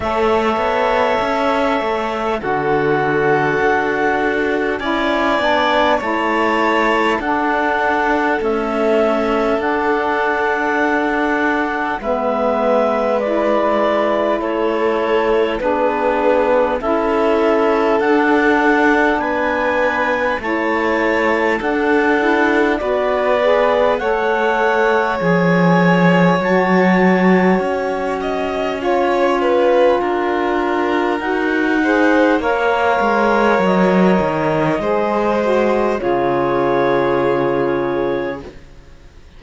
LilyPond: <<
  \new Staff \with { instrumentName = "clarinet" } { \time 4/4 \tempo 4 = 50 e''2 fis''2 | gis''4 a''4 fis''4 e''4 | fis''2 e''4 d''4 | cis''4 b'4 e''4 fis''4 |
gis''4 a''4 fis''4 d''4 | fis''4 gis''4 a''4 gis''4~ | gis''2 fis''4 f''4 | dis''2 cis''2 | }
  \new Staff \with { instrumentName = "violin" } { \time 4/4 cis''2 a'2 | d''4 cis''4 a'2~ | a'2 b'2 | a'4 gis'4 a'2 |
b'4 cis''4 a'4 b'4 | cis''2.~ cis''8 dis''8 | cis''8 b'8 ais'4. c''8 cis''4~ | cis''4 c''4 gis'2 | }
  \new Staff \with { instrumentName = "saxophone" } { \time 4/4 a'2 fis'2 | e'8 d'8 e'4 d'4 a4 | d'2 b4 e'4~ | e'4 d'4 e'4 d'4~ |
d'4 e'4 d'8 e'8 fis'8 gis'8 | a'4 gis'4 fis'2 | f'2 fis'8 gis'8 ais'4~ | ais'4 gis'8 fis'8 f'2 | }
  \new Staff \with { instrumentName = "cello" } { \time 4/4 a8 b8 cis'8 a8 d4 d'4 | cis'8 b8 a4 d'4 cis'4 | d'2 gis2 | a4 b4 cis'4 d'4 |
b4 a4 d'4 b4 | a4 f4 fis4 cis'4~ | cis'4 d'4 dis'4 ais8 gis8 | fis8 dis8 gis4 cis2 | }
>>